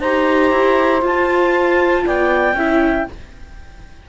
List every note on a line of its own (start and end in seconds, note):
0.00 0.51 D#4
0.00 1.01 G4
0.00 2.03 C5
0.00 1.02 A#5
0.51 1.02 E4
1.01 2.54 F4
1.01 2.04 F4
1.01 2.07 A5
2.05 2.54 B3
2.05 2.56 D5
2.05 3.09 G5
2.54 3.04 C#4
2.54 3.08 E4
2.54 3.08 E5